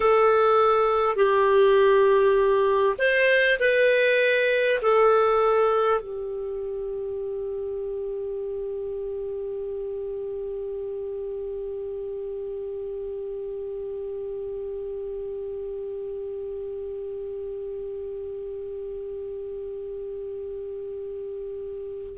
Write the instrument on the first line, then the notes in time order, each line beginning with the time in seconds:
clarinet
0.00 A4
1.16 G4
2.98 C5
3.59 B4
4.82 A4
6.01 G4